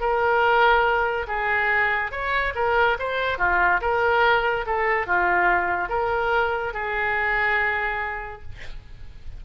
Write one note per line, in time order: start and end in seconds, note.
0.00 1.27 A#4
1.27 2.11 G#4
2.11 2.54 C#5
2.55 2.97 A#4
2.99 3.38 C5
3.38 3.80 F4
3.81 4.65 A#4
4.66 5.07 A4
5.07 5.89 F4
5.89 6.73 A#4
6.73 8.42 G#4